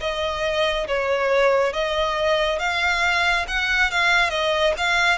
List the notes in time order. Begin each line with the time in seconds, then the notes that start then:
0.00 D#5
0.87 C#5
1.73 D#5
2.59 F5
3.48 F#5
3.91 F5
4.30 D#5
4.77 F5